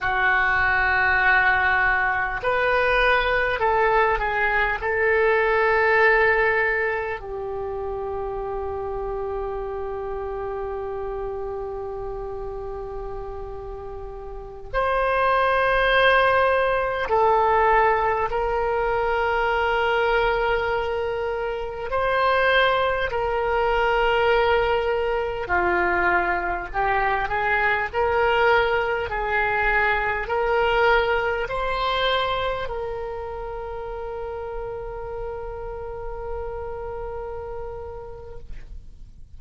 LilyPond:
\new Staff \with { instrumentName = "oboe" } { \time 4/4 \tempo 4 = 50 fis'2 b'4 a'8 gis'8 | a'2 g'2~ | g'1~ | g'16 c''2 a'4 ais'8.~ |
ais'2~ ais'16 c''4 ais'8.~ | ais'4~ ais'16 f'4 g'8 gis'8 ais'8.~ | ais'16 gis'4 ais'4 c''4 ais'8.~ | ais'1 | }